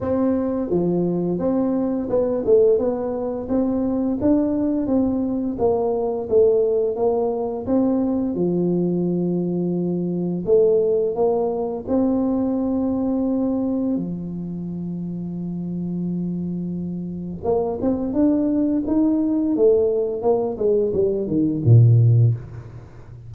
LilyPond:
\new Staff \with { instrumentName = "tuba" } { \time 4/4 \tempo 4 = 86 c'4 f4 c'4 b8 a8 | b4 c'4 d'4 c'4 | ais4 a4 ais4 c'4 | f2. a4 |
ais4 c'2. | f1~ | f4 ais8 c'8 d'4 dis'4 | a4 ais8 gis8 g8 dis8 ais,4 | }